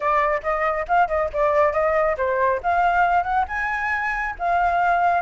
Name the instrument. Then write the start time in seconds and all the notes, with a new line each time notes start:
flute
0.00 D5
0.42 D#5
0.88 F5
1.08 D#5
1.33 D5
1.73 D#5
2.17 C5
2.62 F5
3.23 F#5
3.48 G#5
4.38 F5